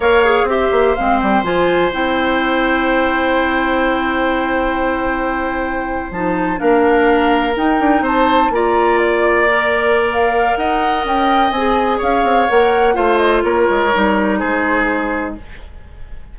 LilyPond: <<
  \new Staff \with { instrumentName = "flute" } { \time 4/4 \tempo 4 = 125 f''4 e''4 f''8 g''8 gis''4 | g''1~ | g''1~ | g''8. a''4 f''2 g''16~ |
g''8. a''4 ais''4 d''4~ d''16~ | d''4 f''4 fis''4 g''4 | gis''4 f''4 fis''4 f''8 dis''8 | cis''2 c''2 | }
  \new Staff \with { instrumentName = "oboe" } { \time 4/4 cis''4 c''2.~ | c''1~ | c''1~ | c''4.~ c''16 ais'2~ ais'16~ |
ais'8. c''4 d''2~ d''16~ | d''2 dis''2~ | dis''4 cis''2 c''4 | ais'2 gis'2 | }
  \new Staff \with { instrumentName = "clarinet" } { \time 4/4 ais'8 gis'8 g'4 c'4 f'4 | e'1~ | e'1~ | e'8. dis'4 d'2 dis'16~ |
dis'4.~ dis'16 f'2 ais'16~ | ais'1 | gis'2 ais'4 f'4~ | f'4 dis'2. | }
  \new Staff \with { instrumentName = "bassoon" } { \time 4/4 ais4 c'8 ais8 gis8 g8 f4 | c'1~ | c'1~ | c'8. f4 ais2 dis'16~ |
dis'16 d'8 c'4 ais2~ ais16~ | ais2 dis'4 cis'4 | c'4 cis'8 c'8 ais4 a4 | ais8 gis8 g4 gis2 | }
>>